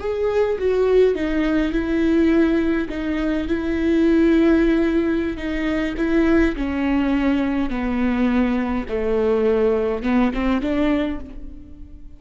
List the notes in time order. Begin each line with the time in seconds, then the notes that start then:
0.00 G#4
0.59 F#4
1.16 D#4
1.72 E4
2.90 D#4
3.48 E4
5.37 D#4
5.98 E4
6.56 C#4
7.70 B3
8.89 A3
10.03 B3
10.34 C4
10.62 D4